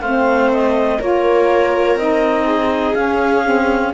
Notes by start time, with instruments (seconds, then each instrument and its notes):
0.00 cello A3, saxophone C4, viola C5, clarinet F5
0.52 clarinet D#5
0.99 cello A#3, saxophone F4, viola A#4, clarinet C#5
1.95 cello C4, saxophone D#4, clarinet D#5
2.44 viola G#4
2.94 saxophone C#4, cello C#4, clarinet F5
3.43 saxophone C4